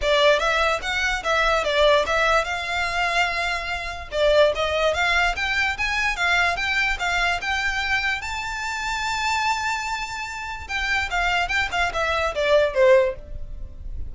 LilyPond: \new Staff \with { instrumentName = "violin" } { \time 4/4 \tempo 4 = 146 d''4 e''4 fis''4 e''4 | d''4 e''4 f''2~ | f''2 d''4 dis''4 | f''4 g''4 gis''4 f''4 |
g''4 f''4 g''2 | a''1~ | a''2 g''4 f''4 | g''8 f''8 e''4 d''4 c''4 | }